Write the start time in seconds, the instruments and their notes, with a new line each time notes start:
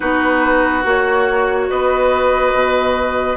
0.00 bassoon B3, clarinet D#4, oboe F#4, flute B4
0.83 bassoon A#3, clarinet F#4, flute C#5
1.70 bassoon B3, oboe B4, flute D#5
2.53 bassoon B2